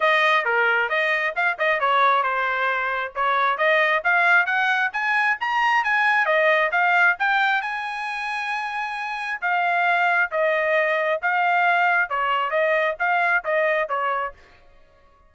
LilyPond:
\new Staff \with { instrumentName = "trumpet" } { \time 4/4 \tempo 4 = 134 dis''4 ais'4 dis''4 f''8 dis''8 | cis''4 c''2 cis''4 | dis''4 f''4 fis''4 gis''4 | ais''4 gis''4 dis''4 f''4 |
g''4 gis''2.~ | gis''4 f''2 dis''4~ | dis''4 f''2 cis''4 | dis''4 f''4 dis''4 cis''4 | }